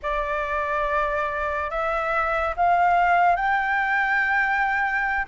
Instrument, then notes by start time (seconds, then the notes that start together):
flute
0.02 D5
1.70 E5
2.56 F5
3.36 G5